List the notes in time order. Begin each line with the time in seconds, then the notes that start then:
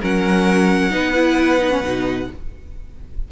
0.00 F#3 C#4 A#4 F#5
0.90 B3 D#4 B4
1.14 E4
1.59 D#4
1.70 C#4
1.82 B2 D#4